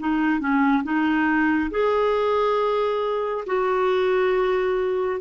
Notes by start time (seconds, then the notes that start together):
0.00 D#4
0.40 C#4
0.84 D#4
1.71 G#4
3.47 F#4